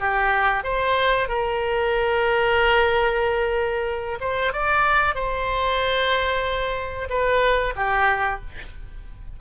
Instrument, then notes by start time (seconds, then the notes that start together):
oboe
0.00 G4
0.64 C5
1.29 A#4
4.21 C5
4.53 D5
5.15 C5
7.10 B4
7.76 G4